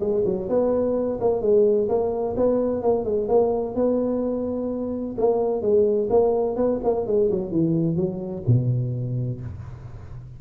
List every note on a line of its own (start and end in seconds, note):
0.00 0.23 G#3
0.25 0.48 F#3
0.49 1.19 B3
1.21 1.41 A#3
1.41 1.88 G#3
1.88 2.35 A#3
2.37 2.82 B3
2.82 3.04 A#3
3.04 3.28 G#3
3.28 3.75 A#3
3.75 5.16 B3
5.18 5.61 A#3
5.61 6.08 G#3
6.10 6.56 A#3
6.56 6.79 B3
6.84 7.06 A#3
7.06 7.30 G#3
7.31 7.51 F#3
7.51 7.96 E3
7.96 8.43 F#3
8.47 9.40 B2